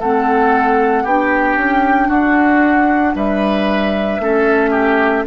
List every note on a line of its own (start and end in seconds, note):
0.00 1.05 A3
0.00 1.06 C4
0.00 1.04 A4
0.00 1.06 F#5
1.04 1.56 B3
1.04 4.22 D4
1.04 2.08 G4
1.04 2.10 G5
1.56 2.09 C#4
2.08 3.14 D4
2.08 3.14 F#4
2.08 3.15 F#5
3.15 4.19 G3
3.15 4.21 B4
3.15 5.27 E5
4.19 5.25 A3
4.19 5.27 C#4
4.19 4.71 A4
4.71 5.23 G4